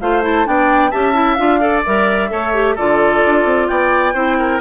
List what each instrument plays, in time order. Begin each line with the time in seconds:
0.00 bassoon A3, clarinet F4, oboe C5, flute F5
0.22 clarinet E4, flute A5
0.45 bassoon B3, clarinet D4, oboe D5, flute G5
0.90 bassoon C#4, clarinet G4, oboe E5, flute A5
1.13 clarinet E4
1.34 bassoon D4, clarinet F4, flute F5
1.60 clarinet A4, oboe D5
1.85 bassoon G3, clarinet A#4, flute E5
2.29 bassoon A3, clarinet A4, oboe C#5
2.53 clarinet G4
2.75 bassoon D3, clarinet F4, oboe A4, flute D5
3.25 bassoon D4
3.45 bassoon C4
3.68 bassoon B3, oboe D5, flute G5
4.14 bassoon C4, clarinet E4, oboe C5
4.39 oboe A#4